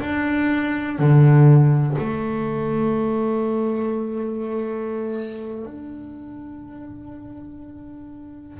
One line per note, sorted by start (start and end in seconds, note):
0.00 0.98 D4
0.98 1.97 D3
1.98 5.65 A3
5.65 8.59 D4